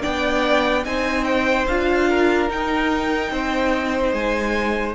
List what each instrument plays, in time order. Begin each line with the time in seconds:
0.00 cello B3, viola D4, violin D5 G5
0.84 cello C4, viola D#4, violin C5 G#5
1.24 violin G5
1.67 cello D4, viola F4, violin F5
2.09 violin A#4
2.49 viola D#4, cello D#4, violin G5
3.30 cello C4, violin C5
4.13 cello G#3, violin G#5